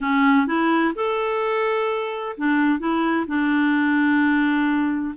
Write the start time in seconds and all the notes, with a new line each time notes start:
0.00 C#4
0.46 E4
0.95 A4
2.37 D4
2.79 E4
3.27 D4